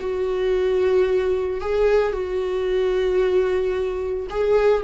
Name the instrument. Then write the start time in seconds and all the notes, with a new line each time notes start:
viola
0.00 F#4
1.61 G#4
2.13 F#4
4.30 G#4